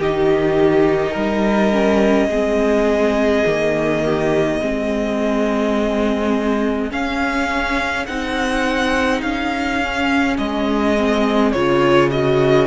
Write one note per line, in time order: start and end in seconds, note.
0.00 1.15 D#3
0.00 1.72 D#4
0.00 1.12 G4
0.00 6.93 D#5
1.12 2.29 G3
1.12 2.27 A#4
1.72 2.30 C#4
2.29 3.44 G#3
2.29 3.47 C4
2.29 4.04 G#4
3.46 4.61 D#3
3.46 4.62 A#3
4.06 4.63 G4
4.61 6.92 G#3
4.61 6.90 C4
4.61 12.68 G#4
6.90 8.06 C#4
6.90 8.07 C#4
6.90 8.06 F5
8.06 9.23 C4
8.06 9.82 D#4
8.06 9.22 F#5
9.22 10.38 C#4
9.22 10.37 F5
9.83 10.98 C#4
10.38 11.54 G#3
10.38 11.52 D#5
10.98 11.54 C4
11.52 12.68 C#3
11.52 12.12 F4
11.52 12.10 C#5
12.11 12.68 F#4
12.11 12.68 D#5